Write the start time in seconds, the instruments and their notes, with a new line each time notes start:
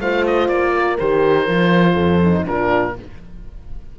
0.00 cello A3, horn F4 C5, oboe F5
0.27 oboe D#5
0.48 cello A#3, oboe D5
0.74 horn A#4
0.99 cello D#3, horn G4, oboe C5
1.47 cello F3, horn F4
1.94 cello F2, horn A4
2.24 horn D#4
2.47 cello A#2, horn D4 F4, oboe A#4